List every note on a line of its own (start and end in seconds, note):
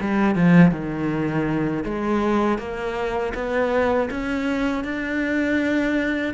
0.00 0.35 G3
0.35 0.71 F3
0.71 1.84 D#3
1.84 2.58 G#3
2.58 3.33 A#3
3.34 4.09 B3
4.10 4.84 C#4
4.84 6.34 D4